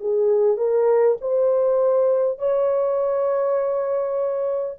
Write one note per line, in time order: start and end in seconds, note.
0.00 0.57 G#4
0.57 1.17 A#4
1.21 2.38 C5
2.38 4.78 C#5